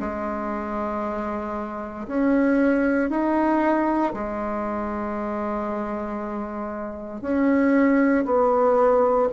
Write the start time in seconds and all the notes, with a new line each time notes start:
0.00 G#3
2.07 C#4
3.10 D#4
4.13 G#3
7.21 C#4
8.25 B3